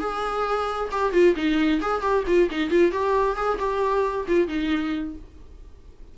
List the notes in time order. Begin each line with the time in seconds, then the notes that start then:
0.00 G#4
0.92 G4
1.13 F4
1.36 D#4
1.82 G#4
2.02 G4
2.28 F4
2.51 D#4
2.71 F4
2.92 G4
3.36 G#4
3.60 G4
4.28 F4
4.48 D#4